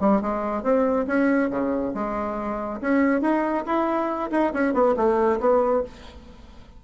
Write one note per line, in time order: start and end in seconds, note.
0.00 0.21 G3
0.21 0.63 G#3
0.63 1.06 C4
1.07 1.50 C#4
1.50 1.93 C#3
1.94 2.81 G#3
2.81 3.22 C#4
3.22 3.65 D#4
3.66 4.31 E4
4.31 4.53 D#4
4.53 4.74 C#4
4.74 4.95 B3
4.97 5.40 A3
5.40 5.83 B3